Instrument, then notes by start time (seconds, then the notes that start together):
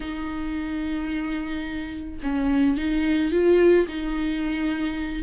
viola
0.00 D#4
2.22 C#4
2.77 D#4
3.31 F4
3.87 D#4